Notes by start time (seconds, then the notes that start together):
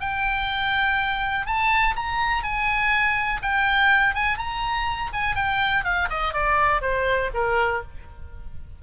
0.00 G5
1.46 A5
1.96 A#5
2.43 G#5
3.42 G5
4.14 G#5
4.37 A#5
5.13 G#5
5.35 G5
5.84 F5
6.09 D#5
6.33 D5
6.81 C5
7.33 A#4